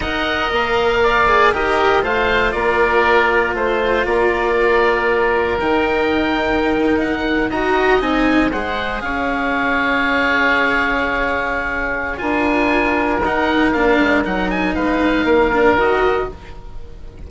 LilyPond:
<<
  \new Staff \with { instrumentName = "oboe" } { \time 4/4 \tempo 4 = 118 fis''4 f''2 dis''4 | f''4 d''2 c''4 | d''2. g''4~ | g''4.~ g''16 fis''4 ais''4 gis''16~ |
gis''8. fis''4 f''2~ f''16~ | f''1 | gis''2 fis''4 f''4 | fis''8 gis''8 f''2 dis''4 | }
  \new Staff \with { instrumentName = "oboe" } { \time 4/4 dis''2 d''4 ais'4 | c''4 ais'2 c''4 | ais'1~ | ais'2~ ais'8. dis''4~ dis''16~ |
dis''8. c''4 cis''2~ cis''16~ | cis''1 | ais'1~ | ais'4 b'4 ais'2 | }
  \new Staff \with { instrumentName = "cello" } { \time 4/4 ais'2~ ais'8 gis'8 g'4 | f'1~ | f'2. dis'4~ | dis'2~ dis'8. fis'4 dis'16~ |
dis'8. gis'2.~ gis'16~ | gis'1 | f'2 dis'4 d'4 | dis'2~ dis'8 d'8 fis'4 | }
  \new Staff \with { instrumentName = "bassoon" } { \time 4/4 dis'4 ais2 dis4 | a4 ais2 a4 | ais2. dis4~ | dis2~ dis8. dis'4 c'16~ |
c'8. gis4 cis'2~ cis'16~ | cis'1 | d'2 dis'4 ais8 gis8 | fis4 gis4 ais4 dis4 | }
>>